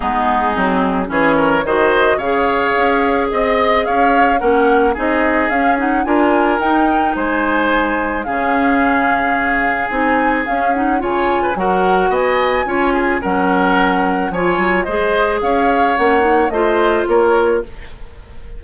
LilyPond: <<
  \new Staff \with { instrumentName = "flute" } { \time 4/4 \tempo 4 = 109 gis'2 cis''4 dis''4 | f''2 dis''4 f''4 | fis''4 dis''4 f''8 fis''8 gis''4 | g''4 gis''2 f''4~ |
f''2 gis''4 f''8 fis''8 | gis''4 fis''4 gis''2 | fis''2 gis''4 dis''4 | f''4 fis''4 dis''4 cis''4 | }
  \new Staff \with { instrumentName = "oboe" } { \time 4/4 dis'2 gis'8 ais'8 c''4 | cis''2 dis''4 cis''4 | ais'4 gis'2 ais'4~ | ais'4 c''2 gis'4~ |
gis'1 | cis''8. b'16 ais'4 dis''4 cis''8 gis'8 | ais'2 cis''4 c''4 | cis''2 c''4 ais'4 | }
  \new Staff \with { instrumentName = "clarinet" } { \time 4/4 b4 c'4 cis'4 fis'4 | gis'1 | cis'4 dis'4 cis'8 dis'8 f'4 | dis'2. cis'4~ |
cis'2 dis'4 cis'8 dis'8 | f'4 fis'2 f'4 | cis'2 f'4 gis'4~ | gis'4 cis'8 dis'8 f'2 | }
  \new Staff \with { instrumentName = "bassoon" } { \time 4/4 gis4 fis4 e4 dis4 | cis4 cis'4 c'4 cis'4 | ais4 c'4 cis'4 d'4 | dis'4 gis2 cis4~ |
cis2 c'4 cis'4 | cis4 fis4 b4 cis'4 | fis2 f8 fis8 gis4 | cis'4 ais4 a4 ais4 | }
>>